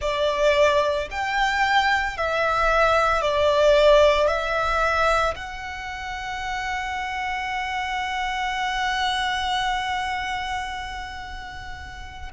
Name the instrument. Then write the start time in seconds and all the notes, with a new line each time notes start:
violin
0.01 D5
1.10 G5
2.17 E5
3.21 D5
4.27 E5
5.35 F#5